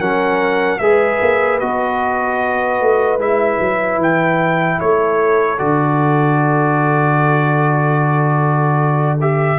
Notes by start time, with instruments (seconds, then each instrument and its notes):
0.00 tuba F#3, trombone C#4, horn A#4, trumpet F#5
0.79 tuba G#3, trombone G#4, horn B4, trumpet E5
1.21 tuba A#3
1.60 tuba B3, trombone F#4, trumpet D#5
2.81 tuba A3
3.19 tuba G#3, trombone E4, trumpet E5
3.60 tuba F#3
3.98 tuba E3, trumpet G5
4.79 tuba A3, horn A4, trumpet C#5
5.58 tuba D3, trombone F#4, trumpet D5
9.21 trombone G4, trumpet E5